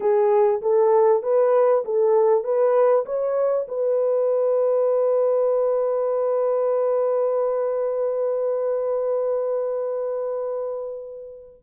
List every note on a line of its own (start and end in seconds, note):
0.00 0.61 G#4
0.61 1.22 A4
1.22 1.84 B4
1.85 2.44 A4
2.44 3.05 B4
3.05 3.66 C#5
3.68 11.63 B4